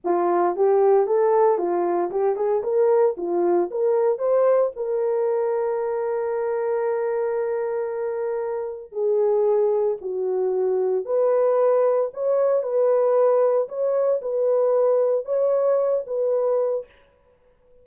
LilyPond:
\new Staff \with { instrumentName = "horn" } { \time 4/4 \tempo 4 = 114 f'4 g'4 a'4 f'4 | g'8 gis'8 ais'4 f'4 ais'4 | c''4 ais'2.~ | ais'1~ |
ais'4 gis'2 fis'4~ | fis'4 b'2 cis''4 | b'2 cis''4 b'4~ | b'4 cis''4. b'4. | }